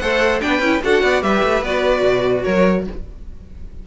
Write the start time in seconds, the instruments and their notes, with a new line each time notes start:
0.00 cello A3, viola A4, violin C5 F#5
0.41 cello B3, viola D4, violin B4 G5
0.60 cello C#4, viola E4
0.83 cello D4, viola F#4, violin A4 F#5
1.03 cello B3, violin D5
1.22 cello G3, viola G4, violin B4 E5
1.44 cello A3
1.62 cello B3, viola F#4, violin D5
2.04 cello B2
2.44 cello F#3, violin A#4 C#5